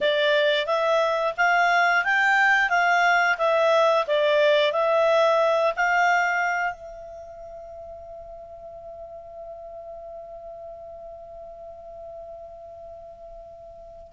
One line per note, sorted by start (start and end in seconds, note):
0.00 0.66 D5
0.66 1.33 E5
1.37 2.04 F5
2.04 2.69 G5
2.69 3.37 F5
3.38 4.05 E5
4.07 4.72 D5
4.72 5.73 E5
5.75 6.73 F5
6.73 14.12 E5